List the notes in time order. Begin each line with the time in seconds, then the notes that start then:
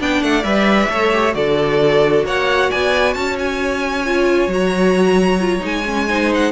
0.00 B3 D4 D5 G5
0.23 A3 F#5
0.43 G3 B4 E5
0.90 A3 A4 C#5
1.13 G4
1.32 D3 F#4 A4 D5
2.25 A#3 C#5 F#5
2.70 B3 D5 G#5
3.14 C#4 C#5 A5
3.39 G#5
4.06 F4
4.48 F#3 F#4 A#5
5.40 F4
5.60 G#3 D#4 G#5
5.85 C#4
6.09 D#4 C5
6.35 F#5